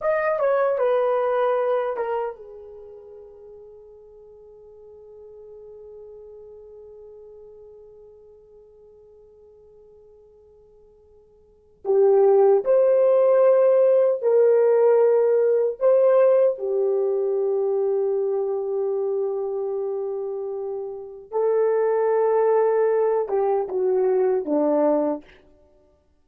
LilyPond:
\new Staff \with { instrumentName = "horn" } { \time 4/4 \tempo 4 = 76 dis''8 cis''8 b'4. ais'8 gis'4~ | gis'1~ | gis'1~ | gis'2. g'4 |
c''2 ais'2 | c''4 g'2.~ | g'2. a'4~ | a'4. g'8 fis'4 d'4 | }